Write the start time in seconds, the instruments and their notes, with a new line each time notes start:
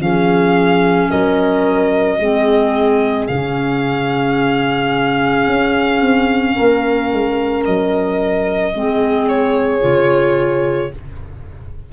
0.00 tuba F3, clarinet C#4, horn G#4, violin F5
1.10 tuba F#3, horn A#4, violin D#5
2.19 tuba G#3, clarinet C4, horn G#4
3.27 tuba C#3, clarinet C#4, violin F5
5.47 tuba C#4
6.01 tuba C4
6.55 tuba A#3, horn A#4
7.12 tuba G#3
7.65 tuba F#3, violin D#5
8.74 tuba G#3, clarinet C4, horn G#4
9.28 violin C#5
9.80 tuba C#3, clarinet F4